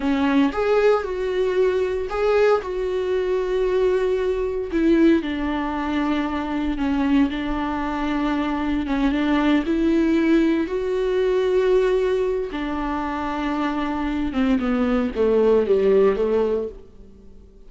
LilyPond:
\new Staff \with { instrumentName = "viola" } { \time 4/4 \tempo 4 = 115 cis'4 gis'4 fis'2 | gis'4 fis'2.~ | fis'4 e'4 d'2~ | d'4 cis'4 d'2~ |
d'4 cis'8 d'4 e'4.~ | e'8 fis'2.~ fis'8 | d'2.~ d'8 c'8 | b4 a4 g4 a4 | }